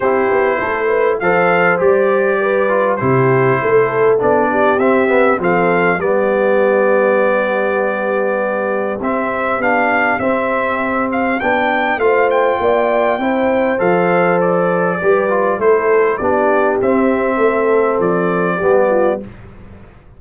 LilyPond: <<
  \new Staff \with { instrumentName = "trumpet" } { \time 4/4 \tempo 4 = 100 c''2 f''4 d''4~ | d''4 c''2 d''4 | e''4 f''4 d''2~ | d''2. e''4 |
f''4 e''4. f''8 g''4 | f''8 g''2~ g''8 f''4 | d''2 c''4 d''4 | e''2 d''2 | }
  \new Staff \with { instrumentName = "horn" } { \time 4/4 g'4 a'8 b'8 c''2 | b'4 g'4 a'4. g'8~ | g'4 a'4 g'2~ | g'1~ |
g'1 | c''4 d''4 c''2~ | c''4 b'4 a'4 g'4~ | g'4 a'2 g'8 f'8 | }
  \new Staff \with { instrumentName = "trombone" } { \time 4/4 e'2 a'4 g'4~ | g'8 f'8 e'2 d'4 | c'8 b8 c'4 b2~ | b2. c'4 |
d'4 c'2 d'4 | f'2 e'4 a'4~ | a'4 g'8 f'8 e'4 d'4 | c'2. b4 | }
  \new Staff \with { instrumentName = "tuba" } { \time 4/4 c'8 b8 a4 f4 g4~ | g4 c4 a4 b4 | c'4 f4 g2~ | g2. c'4 |
b4 c'2 b4 | a4 ais4 c'4 f4~ | f4 g4 a4 b4 | c'4 a4 f4 g4 | }
>>